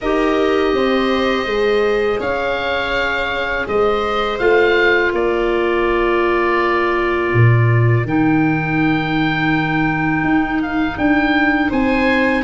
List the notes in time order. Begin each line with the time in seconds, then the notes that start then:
0.00 D#4 G4 A#4 D#5
0.74 C4 C5
1.45 G#3 G#4
2.19 C#4 C#5 F5
3.67 G#3 C5 D#5
4.38 A3 F4 F5
5.11 A#3 A#4 D5
7.33 A#2
8.04 D#3 D#4 G5
10.23 D#4
10.62 F5
10.97 D4 G5
11.69 C4 C5 G#5